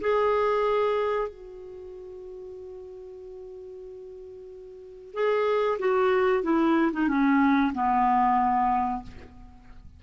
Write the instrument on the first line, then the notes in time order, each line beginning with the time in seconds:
clarinet
0.00 G#4
1.28 F#4
5.13 G#4
5.79 F#4
6.43 E4
6.92 D#4
7.08 C#4
7.73 B3